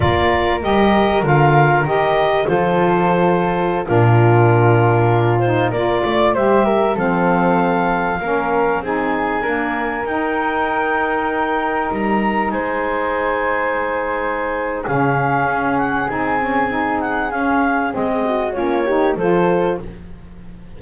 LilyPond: <<
  \new Staff \with { instrumentName = "clarinet" } { \time 4/4 \tempo 4 = 97 d''4 dis''4 f''4 dis''4 | c''2~ c''16 ais'4.~ ais'16~ | ais'8. c''8 d''4 e''4 f''8.~ | f''2~ f''16 gis''4.~ gis''16~ |
gis''16 g''2. ais''8.~ | ais''16 gis''2.~ gis''8. | f''4. fis''8 gis''4. fis''8 | f''4 dis''4 cis''4 c''4 | }
  \new Staff \with { instrumentName = "flute" } { \time 4/4 ais'1 | a'2~ a'16 f'4.~ f'16~ | f'4~ f'16 ais'8 d''8 c''8 ais'8 a'8.~ | a'4~ a'16 ais'4 gis'4 ais'8.~ |
ais'1~ | ais'16 c''2.~ c''8. | gis'1~ | gis'4. fis'8 f'8 g'8 a'4 | }
  \new Staff \with { instrumentName = "saxophone" } { \time 4/4 f'4 g'4 f'4 g'4 | f'2~ f'16 d'4.~ d'16~ | d'8. dis'8 f'4 g'4 c'8.~ | c'4~ c'16 cis'4 dis'4 ais8.~ |
ais16 dis'2.~ dis'8.~ | dis'1 | cis'2 dis'8 cis'8 dis'4 | cis'4 c'4 cis'8 dis'8 f'4 | }
  \new Staff \with { instrumentName = "double bass" } { \time 4/4 ais4 g4 d4 dis4 | f2~ f16 ais,4.~ ais,16~ | ais,4~ ais,16 ais8 a8 g4 f8.~ | f4~ f16 ais4 c'4 d'8.~ |
d'16 dis'2. g8.~ | g16 gis2.~ gis8. | cis4 cis'4 c'2 | cis'4 gis4 ais4 f4 | }
>>